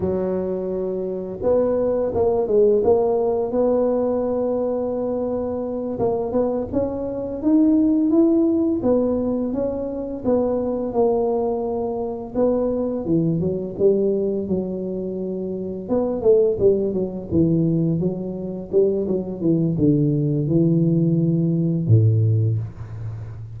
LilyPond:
\new Staff \with { instrumentName = "tuba" } { \time 4/4 \tempo 4 = 85 fis2 b4 ais8 gis8 | ais4 b2.~ | b8 ais8 b8 cis'4 dis'4 e'8~ | e'8 b4 cis'4 b4 ais8~ |
ais4. b4 e8 fis8 g8~ | g8 fis2 b8 a8 g8 | fis8 e4 fis4 g8 fis8 e8 | d4 e2 a,4 | }